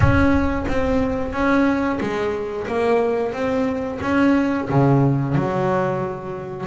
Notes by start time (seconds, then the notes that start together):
0.00 C#4
0.68 C4
1.32 C#4
2.00 G#3
2.67 A#3
3.32 C4
4.01 C#4
4.69 C#3
5.35 F#3